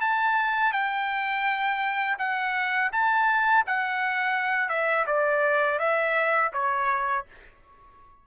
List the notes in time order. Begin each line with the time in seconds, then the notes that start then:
0.00 A5
0.72 G5
2.18 F#5
2.92 A5
3.66 F#5
4.69 E5
5.06 D5
5.79 E5
6.53 C#5